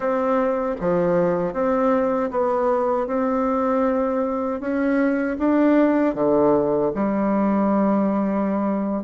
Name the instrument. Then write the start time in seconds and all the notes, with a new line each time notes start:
bassoon
0.00 C4
0.80 F3
1.53 C4
2.30 B3
3.06 C4
4.60 C#4
5.38 D4
6.14 D3
6.94 G3